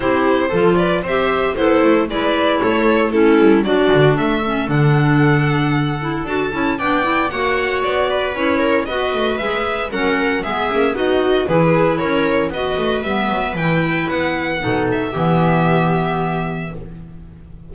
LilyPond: <<
  \new Staff \with { instrumentName = "violin" } { \time 4/4 \tempo 4 = 115 c''4. d''8 e''4 c''4 | d''4 cis''4 a'4 d''4 | e''4 fis''2. | a''4 g''4 fis''4 d''4 |
cis''4 dis''4 e''4 fis''4 | e''4 dis''4 b'4 cis''4 | dis''4 e''4 g''4 fis''4~ | fis''8 e''2.~ e''8 | }
  \new Staff \with { instrumentName = "viola" } { \time 4/4 g'4 a'8 b'8 c''4 e'4 | b'4 a'4 e'4 fis'4 | a'1~ | a'4 d''4 cis''4. b'8~ |
b'8 ais'8 b'2 ais'4 | gis'4 fis'4 gis'4 ais'4 | b'1 | a'4 g'2. | }
  \new Staff \with { instrumentName = "clarinet" } { \time 4/4 e'4 f'4 g'4 a'4 | e'2 cis'4 d'4~ | d'8 cis'8 d'2~ d'8 e'8 | fis'8 e'8 d'8 e'8 fis'2 |
e'4 fis'4 gis'4 cis'4 | b8 cis'8 dis'4 e'2 | fis'4 b4 e'2 | dis'4 b2. | }
  \new Staff \with { instrumentName = "double bass" } { \time 4/4 c'4 f4 c'4 b8 a8 | gis4 a4. g8 fis8 d8 | a4 d2. | d'8 cis'8 b4 ais4 b4 |
cis'4 b8 a8 gis4 fis4 | gis8 ais8 b4 e4 cis'4 | b8 a8 g8 fis8 e4 b4 | b,4 e2. | }
>>